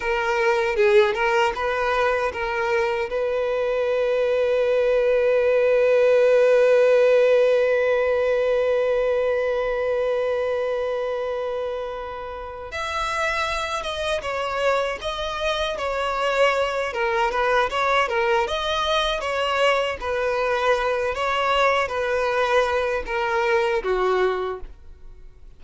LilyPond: \new Staff \with { instrumentName = "violin" } { \time 4/4 \tempo 4 = 78 ais'4 gis'8 ais'8 b'4 ais'4 | b'1~ | b'1~ | b'1~ |
b'8 e''4. dis''8 cis''4 dis''8~ | dis''8 cis''4. ais'8 b'8 cis''8 ais'8 | dis''4 cis''4 b'4. cis''8~ | cis''8 b'4. ais'4 fis'4 | }